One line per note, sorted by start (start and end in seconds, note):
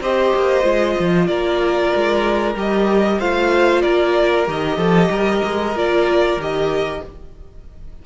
0.00 0.32 C4
0.00 0.62 G4
0.00 1.27 C5
0.00 1.27 D#5
0.34 0.63 A#3
0.62 0.95 G#3
0.62 2.54 F4
0.99 1.28 F3
1.27 1.91 A#3
1.27 3.18 A#4
1.27 2.54 D5
1.95 2.55 G#3
2.55 3.18 G3
2.55 3.20 G4
2.55 3.20 D#5
3.18 3.83 A3
3.18 4.46 F4
3.18 3.82 C5
3.18 3.81 F5
3.81 4.47 A#3
3.81 4.76 A#4
3.81 4.45 D5
4.46 4.77 D#3
4.46 5.74 G4
4.46 5.77 D#5
4.76 5.09 F3
4.76 5.08 A4
5.09 5.41 G3
5.09 7.02 A#4
5.43 5.75 G#3
5.75 6.36 A#3
5.75 6.39 F4
5.75 6.41 D5
6.36 7.00 D#3
6.36 7.03 G4
6.36 7.05 D#5